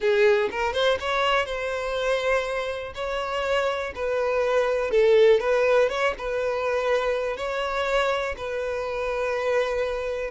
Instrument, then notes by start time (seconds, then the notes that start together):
violin
0.00 G#4
0.51 A#4
0.73 C5
1.00 C#5
1.45 C5
2.94 C#5
3.95 B4
4.90 A4
5.39 B4
5.89 C#5
6.17 B4
7.36 C#5
8.37 B4